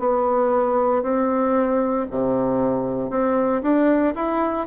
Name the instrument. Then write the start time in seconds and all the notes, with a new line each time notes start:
bassoon
0.00 B3
1.03 C4
2.11 C3
3.10 C4
3.63 D4
4.16 E4